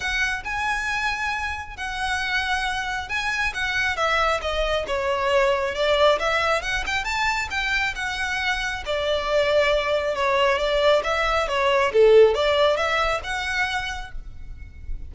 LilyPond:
\new Staff \with { instrumentName = "violin" } { \time 4/4 \tempo 4 = 136 fis''4 gis''2. | fis''2. gis''4 | fis''4 e''4 dis''4 cis''4~ | cis''4 d''4 e''4 fis''8 g''8 |
a''4 g''4 fis''2 | d''2. cis''4 | d''4 e''4 cis''4 a'4 | d''4 e''4 fis''2 | }